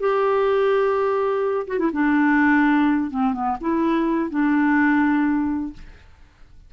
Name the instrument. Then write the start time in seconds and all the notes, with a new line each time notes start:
clarinet
0.00 G4
1.67 F#4
1.79 E4
1.93 D4
3.10 C4
3.33 B3
3.61 E4
4.30 D4